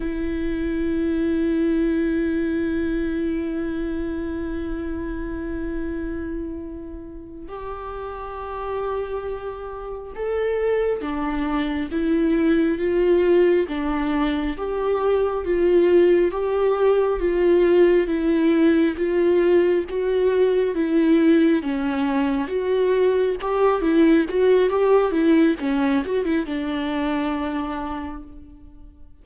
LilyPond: \new Staff \with { instrumentName = "viola" } { \time 4/4 \tempo 4 = 68 e'1~ | e'1~ | e'8 g'2. a'8~ | a'8 d'4 e'4 f'4 d'8~ |
d'8 g'4 f'4 g'4 f'8~ | f'8 e'4 f'4 fis'4 e'8~ | e'8 cis'4 fis'4 g'8 e'8 fis'8 | g'8 e'8 cis'8 fis'16 e'16 d'2 | }